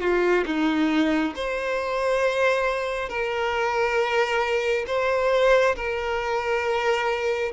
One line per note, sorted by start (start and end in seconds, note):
0.00 0.44 F4
0.46 1.34 D#4
1.35 3.09 C5
3.09 4.85 A#4
4.86 5.75 C5
5.76 7.52 A#4